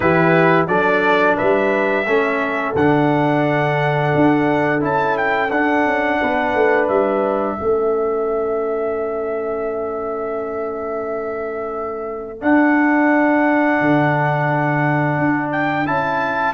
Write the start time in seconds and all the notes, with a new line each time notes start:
0.00 E3 E4 G4 B4
0.67 F#3 D4 A4 D5
1.36 G3 B4 E5
2.06 A3 C#4 A4
2.75 D3 D4 F#5
4.15 D4
4.80 C#4 E4 A5
5.17 G5
5.51 D4 F#5
5.85 C#4
6.20 B3 B4
6.55 A3
6.87 G3 E5
7.57 A3 C#4 A4
12.41 D4 F#5
13.80 D3
15.18 D4
15.52 G5
15.85 C#4 E4 A5